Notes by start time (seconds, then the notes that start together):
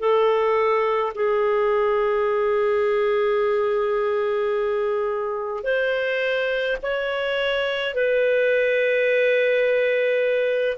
0.00 A4
1.15 G#4
5.64 C5
6.83 C#5
7.95 B4